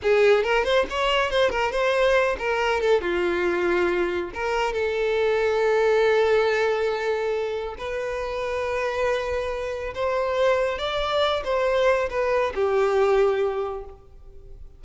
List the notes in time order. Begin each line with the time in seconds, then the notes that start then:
0.02 G#4
0.43 A#4
0.64 C5
0.89 C#5
1.30 C5
1.50 A#4
1.71 C5
2.38 A#4
2.81 A4
3.01 F4
4.34 A#4
4.73 A4
7.78 B4
9.94 C5
10.78 D5
11.44 C5
12.10 B4
12.54 G4